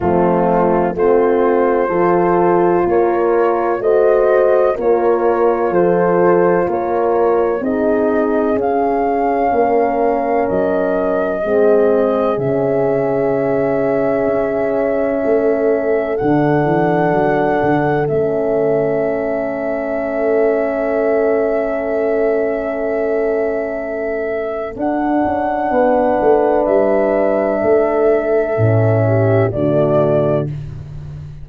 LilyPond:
<<
  \new Staff \with { instrumentName = "flute" } { \time 4/4 \tempo 4 = 63 f'4 c''2 cis''4 | dis''4 cis''4 c''4 cis''4 | dis''4 f''2 dis''4~ | dis''4 e''2.~ |
e''4 fis''2 e''4~ | e''1~ | e''2 fis''2 | e''2. d''4 | }
  \new Staff \with { instrumentName = "horn" } { \time 4/4 c'4 f'4 a'4 ais'4 | c''4 ais'4 a'4 ais'4 | gis'2 ais'2 | gis'1 |
a'1~ | a'1~ | a'2. b'4~ | b'4 a'4. g'8 fis'4 | }
  \new Staff \with { instrumentName = "horn" } { \time 4/4 a4 c'4 f'2 | fis'4 f'2. | dis'4 cis'2. | c'4 cis'2.~ |
cis'4 d'2 cis'4~ | cis'1~ | cis'2 d'2~ | d'2 cis'4 a4 | }
  \new Staff \with { instrumentName = "tuba" } { \time 4/4 f4 a4 f4 ais4 | a4 ais4 f4 ais4 | c'4 cis'4 ais4 fis4 | gis4 cis2 cis'4 |
a4 d8 e8 fis8 d8 a4~ | a1~ | a2 d'8 cis'8 b8 a8 | g4 a4 a,4 d4 | }
>>